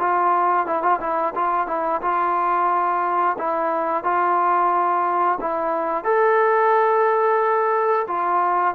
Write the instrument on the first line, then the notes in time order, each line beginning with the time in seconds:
trombone
0.00 F4
0.67 E4
0.83 F4
1.01 E4
1.35 F4
1.68 E4
2.02 F4
3.39 E4
4.04 F4
5.41 E4
6.05 A4
8.08 F4